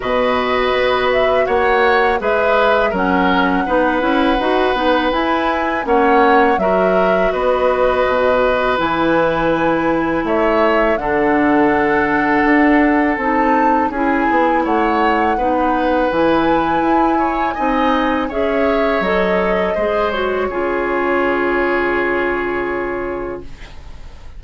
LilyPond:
<<
  \new Staff \with { instrumentName = "flute" } { \time 4/4 \tempo 4 = 82 dis''4. e''8 fis''4 e''4 | fis''2. gis''4 | fis''4 e''4 dis''2 | gis''2 e''4 fis''4~ |
fis''2 a''4 gis''4 | fis''2 gis''2~ | gis''4 e''4 dis''4. cis''8~ | cis''1 | }
  \new Staff \with { instrumentName = "oboe" } { \time 4/4 b'2 cis''4 b'4 | ais'4 b'2. | cis''4 ais'4 b'2~ | b'2 cis''4 a'4~ |
a'2. gis'4 | cis''4 b'2~ b'8 cis''8 | dis''4 cis''2 c''4 | gis'1 | }
  \new Staff \with { instrumentName = "clarinet" } { \time 4/4 fis'2. gis'4 | cis'4 dis'8 e'8 fis'8 dis'8 e'4 | cis'4 fis'2. | e'2. d'4~ |
d'2 dis'4 e'4~ | e'4 dis'4 e'2 | dis'4 gis'4 a'4 gis'8 fis'8 | f'1 | }
  \new Staff \with { instrumentName = "bassoon" } { \time 4/4 b,4 b4 ais4 gis4 | fis4 b8 cis'8 dis'8 b8 e'4 | ais4 fis4 b4 b,4 | e2 a4 d4~ |
d4 d'4 c'4 cis'8 b8 | a4 b4 e4 e'4 | c'4 cis'4 fis4 gis4 | cis1 | }
>>